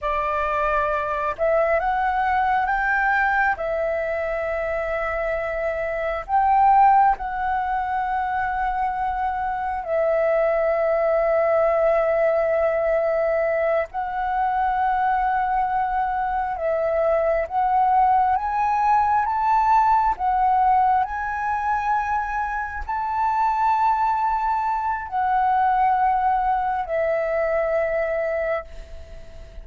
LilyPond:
\new Staff \with { instrumentName = "flute" } { \time 4/4 \tempo 4 = 67 d''4. e''8 fis''4 g''4 | e''2. g''4 | fis''2. e''4~ | e''2.~ e''8 fis''8~ |
fis''2~ fis''8 e''4 fis''8~ | fis''8 gis''4 a''4 fis''4 gis''8~ | gis''4. a''2~ a''8 | fis''2 e''2 | }